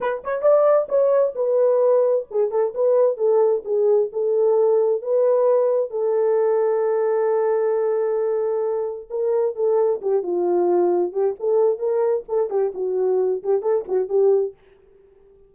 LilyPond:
\new Staff \with { instrumentName = "horn" } { \time 4/4 \tempo 4 = 132 b'8 cis''8 d''4 cis''4 b'4~ | b'4 gis'8 a'8 b'4 a'4 | gis'4 a'2 b'4~ | b'4 a'2.~ |
a'1 | ais'4 a'4 g'8 f'4.~ | f'8 g'8 a'4 ais'4 a'8 g'8 | fis'4. g'8 a'8 fis'8 g'4 | }